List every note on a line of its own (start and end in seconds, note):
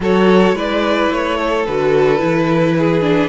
0.00 0.52 F#3
0.00 0.55 F#4
0.00 0.55 A4
0.00 0.57 C#5
0.52 1.07 G#3
0.52 1.65 E4
0.52 1.37 B4
0.52 1.12 D5
1.11 1.67 A3
1.11 1.66 C#5
1.37 2.74 A4
1.66 2.21 D3
1.66 2.18 F#4
1.66 3.29 B4
2.18 3.29 E3
2.18 3.01 E4
2.77 3.29 G#4
3.01 3.28 D4